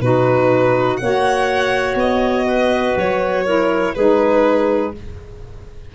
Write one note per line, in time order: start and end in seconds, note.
0.00 0.98 B2
0.00 0.99 D#4
0.00 1.01 F#4
0.00 0.97 B4
0.97 1.95 A#3
0.97 3.45 F#4
0.97 2.45 C#5
0.97 1.95 F#5
1.95 2.93 B3
1.95 2.98 D#5
2.45 3.44 B4
2.96 3.95 F#3
2.96 3.95 C#5
3.45 3.94 E4
3.45 3.94 A#4
3.95 4.95 G#3
3.95 4.95 D#4
3.95 4.94 G#4
3.95 4.93 B4